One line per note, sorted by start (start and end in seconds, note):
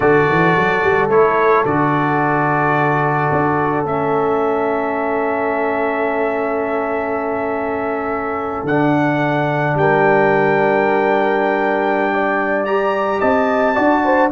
0.00 0.27 D3
0.00 1.10 F#4
0.00 9.75 A4
0.00 1.09 D5
0.28 0.56 E3
0.56 0.83 F#3
0.83 1.09 G3
1.09 1.64 A3
1.09 1.66 E4
1.09 1.64 C#5
1.65 3.30 D3
1.65 3.86 F#4
1.65 3.85 D5
3.32 3.84 D4
3.84 8.64 A3
3.84 8.67 C#4
3.84 8.67 E5
8.64 9.74 D3
8.64 12.67 D4
8.64 9.77 F#5
9.74 13.18 G3
9.74 12.13 A#4
9.74 12.65 G5
12.13 13.21 D5
12.65 13.75 G4
12.65 13.20 A#5
13.20 13.76 C4
13.20 13.75 D#5
13.20 14.30 A5
13.75 14.31 D4
13.75 14.30 F#4
13.75 14.02 D5
14.04 14.31 C5